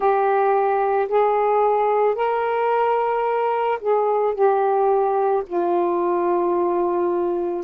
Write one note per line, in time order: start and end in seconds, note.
0.00 1.08 G4
1.08 2.15 G#4
2.15 3.78 A#4
3.80 4.34 G#4
4.34 5.43 G4
5.46 7.64 F4